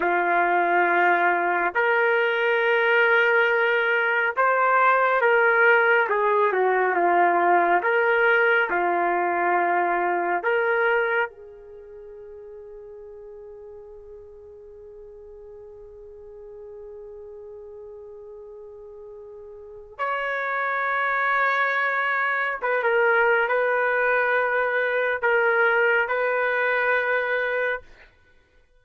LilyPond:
\new Staff \with { instrumentName = "trumpet" } { \time 4/4 \tempo 4 = 69 f'2 ais'2~ | ais'4 c''4 ais'4 gis'8 fis'8 | f'4 ais'4 f'2 | ais'4 gis'2.~ |
gis'1~ | gis'2. cis''4~ | cis''2 b'16 ais'8. b'4~ | b'4 ais'4 b'2 | }